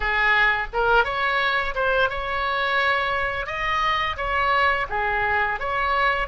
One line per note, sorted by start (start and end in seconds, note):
0.00 0.67 G#4
0.73 1.04 A#4
1.04 1.74 C#5
1.74 2.09 C5
2.09 3.46 C#5
3.46 4.16 D#5
4.16 4.86 C#5
4.89 5.59 G#4
5.59 6.27 C#5